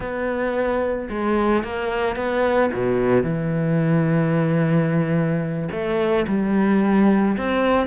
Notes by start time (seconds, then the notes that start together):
0.00 B3
1.09 G#3
1.63 A#3
2.16 B3
2.72 B2
3.23 E3
5.71 A3
6.27 G3
7.37 C4